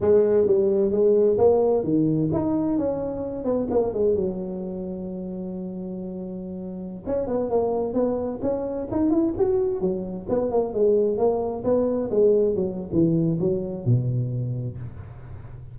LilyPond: \new Staff \with { instrumentName = "tuba" } { \time 4/4 \tempo 4 = 130 gis4 g4 gis4 ais4 | dis4 dis'4 cis'4. b8 | ais8 gis8 fis2.~ | fis2.~ fis16 cis'8 b16~ |
b16 ais4 b4 cis'4 dis'8 e'16~ | e'16 fis'4 fis4 b8 ais8 gis8.~ | gis16 ais4 b4 gis4 fis8. | e4 fis4 b,2 | }